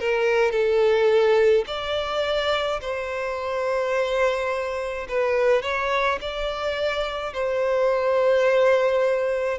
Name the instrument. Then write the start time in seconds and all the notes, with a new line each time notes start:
violin
0.00 A#4
0.51 A4
1.67 D5
2.81 C5
5.09 B4
5.62 C#5
6.21 D5
7.34 C5